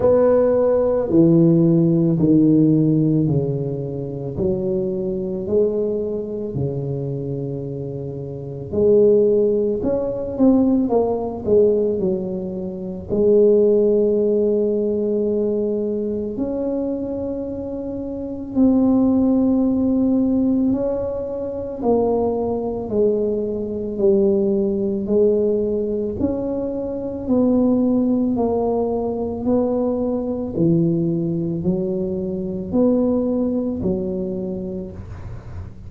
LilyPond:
\new Staff \with { instrumentName = "tuba" } { \time 4/4 \tempo 4 = 55 b4 e4 dis4 cis4 | fis4 gis4 cis2 | gis4 cis'8 c'8 ais8 gis8 fis4 | gis2. cis'4~ |
cis'4 c'2 cis'4 | ais4 gis4 g4 gis4 | cis'4 b4 ais4 b4 | e4 fis4 b4 fis4 | }